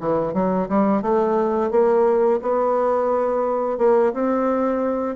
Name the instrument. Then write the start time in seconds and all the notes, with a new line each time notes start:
bassoon
0.00 E3
0.34 F#3
0.69 G3
1.02 A3
1.71 A#3
2.42 B3
3.78 A#3
4.13 C4